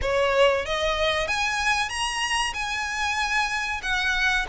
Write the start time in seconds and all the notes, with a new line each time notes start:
0.01 C#5
0.65 D#5
1.27 G#5
1.89 A#5
2.53 G#5
3.82 F#5